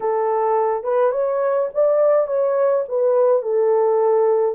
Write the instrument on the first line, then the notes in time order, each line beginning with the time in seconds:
horn
0.00 A4
0.83 B4
1.11 C#5
1.74 D5
2.27 C#5
2.88 B4
3.42 A4